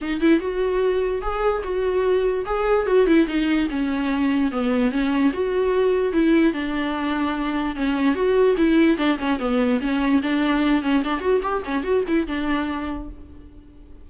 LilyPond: \new Staff \with { instrumentName = "viola" } { \time 4/4 \tempo 4 = 147 dis'8 e'8 fis'2 gis'4 | fis'2 gis'4 fis'8 e'8 | dis'4 cis'2 b4 | cis'4 fis'2 e'4 |
d'2. cis'4 | fis'4 e'4 d'8 cis'8 b4 | cis'4 d'4. cis'8 d'8 fis'8 | g'8 cis'8 fis'8 e'8 d'2 | }